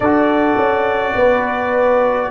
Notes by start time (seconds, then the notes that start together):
0.00 D4 F#4 A4 D5
0.56 C#4
1.15 B3 B4